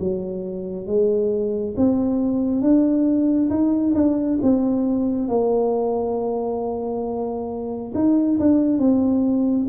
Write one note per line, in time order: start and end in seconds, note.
0.00 0.87 F#3
0.87 1.75 G#3
1.77 2.61 C4
2.61 3.50 D4
3.50 3.94 D#4
3.95 4.39 D4
4.43 5.29 C4
5.29 7.93 A#3
7.95 8.39 D#4
8.40 8.79 D4
8.79 9.67 C4